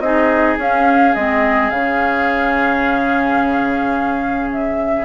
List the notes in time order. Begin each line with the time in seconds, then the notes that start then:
0.00 C4 D#4 G#4 D#5
0.58 C#4 F5
1.15 G#3 C4 D#5
1.70 C#3 C#4 F5
4.52 E5